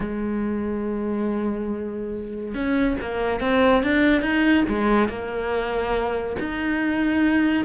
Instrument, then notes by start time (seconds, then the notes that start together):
cello
0.00 G#3
2.54 C#4
3.01 A#3
3.40 C4
3.83 D4
4.21 D#4
4.68 G#3
5.08 A#3
6.39 D#4